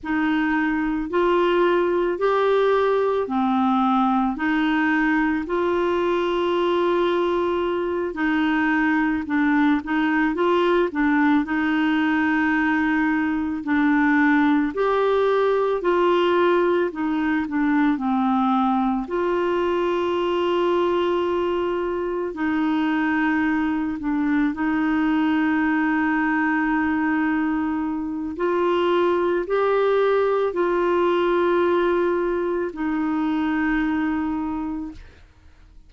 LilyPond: \new Staff \with { instrumentName = "clarinet" } { \time 4/4 \tempo 4 = 55 dis'4 f'4 g'4 c'4 | dis'4 f'2~ f'8 dis'8~ | dis'8 d'8 dis'8 f'8 d'8 dis'4.~ | dis'8 d'4 g'4 f'4 dis'8 |
d'8 c'4 f'2~ f'8~ | f'8 dis'4. d'8 dis'4.~ | dis'2 f'4 g'4 | f'2 dis'2 | }